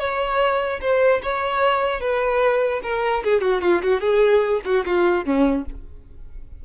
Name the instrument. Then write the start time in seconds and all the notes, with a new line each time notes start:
violin
0.00 C#5
0.82 C5
1.23 C#5
2.01 B4
2.84 A#4
3.24 G#4
3.42 F#4
3.62 F4
3.83 F#4
4.01 G#4
4.65 F#4
4.86 F4
5.25 C#4